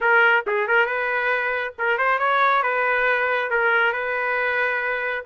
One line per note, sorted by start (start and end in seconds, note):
0.01 0.44 A#4
0.46 0.67 G#4
0.67 0.85 A#4
0.85 1.73 B4
1.78 1.97 A#4
1.97 2.18 C5
2.18 2.62 C#5
2.63 3.50 B4
3.50 3.92 A#4
3.92 5.24 B4